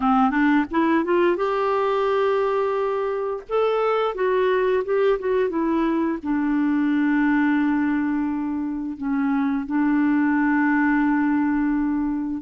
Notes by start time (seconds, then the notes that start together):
0.00 C4
0.30 D4
0.70 E4
1.04 F4
1.36 G4
3.48 A4
4.14 F#4
4.84 G4
5.19 F#4
5.49 E4
6.22 D4
8.97 C#4
9.66 D4